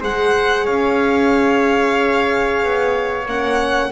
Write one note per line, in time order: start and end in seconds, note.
0.00 0.67 G#3
0.00 3.26 G#4
0.00 0.64 C5
0.00 0.66 F#5
0.64 2.62 C#4
0.64 3.90 C#5
0.64 3.27 F5
2.62 3.26 B3
3.26 3.91 A#3
3.26 3.91 C#4
3.26 3.91 F#5